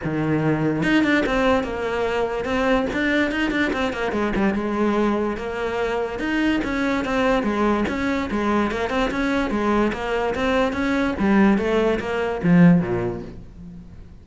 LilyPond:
\new Staff \with { instrumentName = "cello" } { \time 4/4 \tempo 4 = 145 dis2 dis'8 d'8 c'4 | ais2 c'4 d'4 | dis'8 d'8 c'8 ais8 gis8 g8 gis4~ | gis4 ais2 dis'4 |
cis'4 c'4 gis4 cis'4 | gis4 ais8 c'8 cis'4 gis4 | ais4 c'4 cis'4 g4 | a4 ais4 f4 ais,4 | }